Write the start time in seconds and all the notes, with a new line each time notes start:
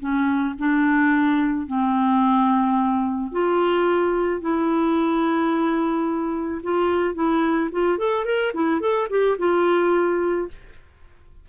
0.00 C#4
0.59 D4
1.67 C4
3.32 F4
4.41 E4
6.63 F4
7.15 E4
7.72 F4
7.98 A4
8.25 A#4
8.54 E4
8.81 A4
9.10 G4
9.38 F4